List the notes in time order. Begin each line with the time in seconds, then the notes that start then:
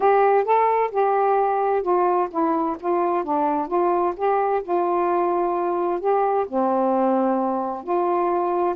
0.00 G4
0.44 A4
0.91 G4
1.82 F4
2.30 E4
2.80 F4
3.23 D4
3.67 F4
4.16 G4
4.62 F4
6.00 G4
6.48 C4
7.83 F4